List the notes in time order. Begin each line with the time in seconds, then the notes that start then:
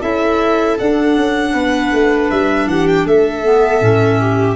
0.00 C#4 E4 A4 E5
0.79 D4 F#5
1.17 C#4
1.53 B3 B4
1.93 A3
2.30 G3 E5
2.66 E3 G4 F#5
2.88 G5
3.06 A3 A4 E5
3.44 B3
3.81 A2 C#4
4.20 G4